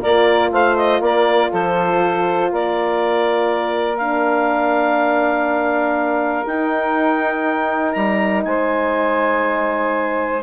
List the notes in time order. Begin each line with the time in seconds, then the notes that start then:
0.00 A#3 F4 A#4 D5
0.51 A3 C5 F5
0.77 D#5
1.00 A#3 A#4 D5
1.51 F3 A4 C5
2.51 A#3 A#4 D5
3.97 D4 F5
6.46 D#4 G5
7.92 G3 A#5
8.44 G#3 C5 G#5